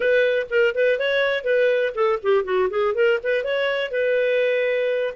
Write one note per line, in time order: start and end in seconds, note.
0.00 0.46 B4
0.50 0.74 A#4
0.74 0.99 B4
0.99 1.44 C#5
1.44 1.93 B4
1.94 2.19 A4
2.22 2.44 G4
2.44 2.69 F#4
2.69 2.94 G#4
2.94 3.19 A#4
3.23 3.43 B4
3.43 3.91 C#5
3.91 5.14 B4